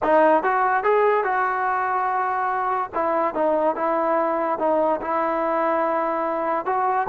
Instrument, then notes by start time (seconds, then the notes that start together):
trombone
0.02 D#4
0.43 F#4
0.83 G#4
1.23 F#4
2.94 E4
3.34 D#4
3.75 E4
4.59 D#4
5.01 E4
6.65 F#4